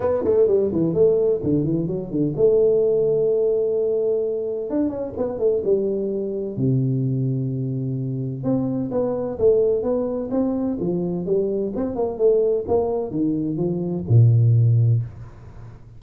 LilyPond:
\new Staff \with { instrumentName = "tuba" } { \time 4/4 \tempo 4 = 128 b8 a8 g8 e8 a4 d8 e8 | fis8 d8 a2.~ | a2 d'8 cis'8 b8 a8 | g2 c2~ |
c2 c'4 b4 | a4 b4 c'4 f4 | g4 c'8 ais8 a4 ais4 | dis4 f4 ais,2 | }